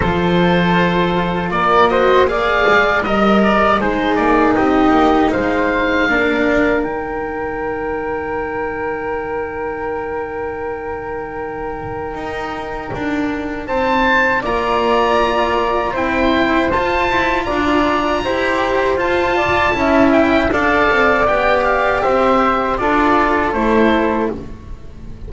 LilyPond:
<<
  \new Staff \with { instrumentName = "oboe" } { \time 4/4 \tempo 4 = 79 c''2 d''8 dis''8 f''4 | dis''8 d''8 c''8 d''8 dis''4 f''4~ | f''4 g''2.~ | g''1~ |
g''2 a''4 ais''4~ | ais''4 g''4 a''4 ais''4~ | ais''4 a''4. g''8 f''4 | g''8 f''8 e''4 d''4 c''4 | }
  \new Staff \with { instrumentName = "flute" } { \time 4/4 a'2 ais'8 c''8 d''4 | dis''4 gis'4 g'4 c''4 | ais'1~ | ais'1~ |
ais'2 c''4 d''4~ | d''4 c''2 d''4 | c''4. d''8 e''4 d''4~ | d''4 c''4 a'2 | }
  \new Staff \with { instrumentName = "cello" } { \time 4/4 f'2~ f'8 fis'8 gis'4 | ais'4 dis'2. | d'4 dis'2.~ | dis'1~ |
dis'2. f'4~ | f'4 e'4 f'2 | g'4 f'4 e'4 a'4 | g'2 f'4 e'4 | }
  \new Staff \with { instrumentName = "double bass" } { \time 4/4 f2 ais4. gis8 | g4 gis8 ais8 c'8 ais8 gis4 | ais4 dis2.~ | dis1 |
dis'4 d'4 c'4 ais4~ | ais4 c'4 f'8 e'8 d'4 | e'4 f'4 cis'4 d'8 c'8 | b4 c'4 d'4 a4 | }
>>